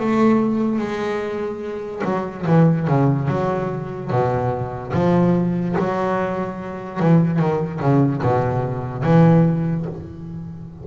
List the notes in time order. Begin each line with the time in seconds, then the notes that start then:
0.00 A3
0.78 G#3
2.04 F#3
2.46 E3
2.87 C#3
3.28 F#3
4.11 B2
4.94 F3
5.79 F#3
7.00 E3
7.39 D#3
7.80 C#3
8.23 B2
9.03 E3